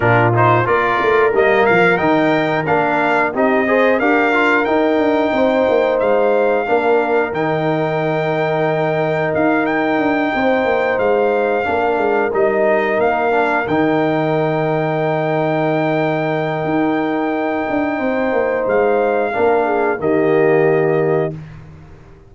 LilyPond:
<<
  \new Staff \with { instrumentName = "trumpet" } { \time 4/4 \tempo 4 = 90 ais'8 c''8 d''4 dis''8 f''8 g''4 | f''4 dis''4 f''4 g''4~ | g''4 f''2 g''4~ | g''2 f''8 g''4.~ |
g''8 f''2 dis''4 f''8~ | f''8 g''2.~ g''8~ | g''1 | f''2 dis''2 | }
  \new Staff \with { instrumentName = "horn" } { \time 4/4 f'4 ais'2.~ | ais'4 g'8 c''8 ais'2 | c''2 ais'2~ | ais'2.~ ais'8 c''8~ |
c''4. ais'2~ ais'8~ | ais'1~ | ais'2. c''4~ | c''4 ais'8 gis'8 g'2 | }
  \new Staff \with { instrumentName = "trombone" } { \time 4/4 d'8 dis'8 f'4 ais4 dis'4 | d'4 dis'8 gis'8 g'8 f'8 dis'4~ | dis'2 d'4 dis'4~ | dis'1~ |
dis'4. d'4 dis'4. | d'8 dis'2.~ dis'8~ | dis'1~ | dis'4 d'4 ais2 | }
  \new Staff \with { instrumentName = "tuba" } { \time 4/4 ais,4 ais8 a8 g8 f8 dis4 | ais4 c'4 d'4 dis'8 d'8 | c'8 ais8 gis4 ais4 dis4~ | dis2 dis'4 d'8 c'8 |
ais8 gis4 ais8 gis8 g4 ais8~ | ais8 dis2.~ dis8~ | dis4 dis'4. d'8 c'8 ais8 | gis4 ais4 dis2 | }
>>